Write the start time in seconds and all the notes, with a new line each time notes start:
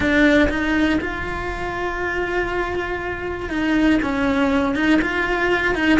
0.00 D4
0.49 D#4
1.00 F4
3.49 D#4
4.02 C#4
4.75 D#4
5.01 F4
5.74 D#4